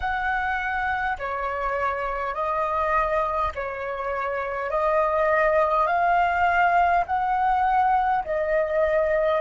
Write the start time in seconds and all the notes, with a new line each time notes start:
0.00 F#5
1.18 C#5
2.34 D#5
3.55 C#5
4.70 D#5
5.86 F5
7.06 F#5
8.24 D#5